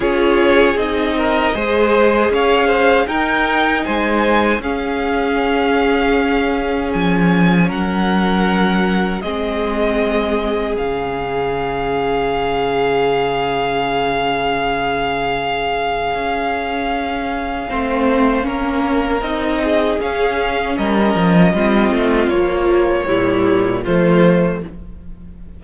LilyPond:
<<
  \new Staff \with { instrumentName = "violin" } { \time 4/4 \tempo 4 = 78 cis''4 dis''2 f''4 | g''4 gis''4 f''2~ | f''4 gis''4 fis''2 | dis''2 f''2~ |
f''1~ | f''1~ | f''4 dis''4 f''4 dis''4~ | dis''4 cis''2 c''4 | }
  \new Staff \with { instrumentName = "violin" } { \time 4/4 gis'4. ais'8 c''4 cis''8 c''8 | ais'4 c''4 gis'2~ | gis'2 ais'2 | gis'1~ |
gis'1~ | gis'2. c''4 | ais'4. gis'4. ais'4 | f'2 e'4 f'4 | }
  \new Staff \with { instrumentName = "viola" } { \time 4/4 f'4 dis'4 gis'2 | dis'2 cis'2~ | cis'1 | c'2 cis'2~ |
cis'1~ | cis'2. c'4 | cis'4 dis'4 cis'2 | c'4 f4 g4 a4 | }
  \new Staff \with { instrumentName = "cello" } { \time 4/4 cis'4 c'4 gis4 cis'4 | dis'4 gis4 cis'2~ | cis'4 f4 fis2 | gis2 cis2~ |
cis1~ | cis4 cis'2 a4 | ais4 c'4 cis'4 g8 f8 | g8 a8 ais4 ais,4 f4 | }
>>